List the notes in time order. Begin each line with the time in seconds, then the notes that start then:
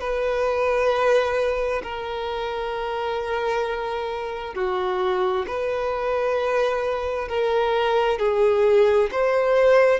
0.00 B4
1.83 A#4
4.55 F#4
5.47 B4
7.28 A#4
8.19 G#4
9.12 C5